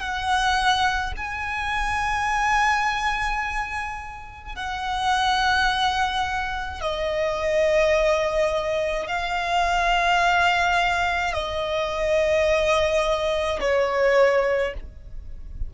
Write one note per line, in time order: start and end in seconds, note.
0.00 1.13 F#5
1.17 4.55 G#5
4.55 6.81 F#5
6.81 9.07 D#5
9.07 11.34 F5
11.34 13.60 D#5
13.61 14.74 C#5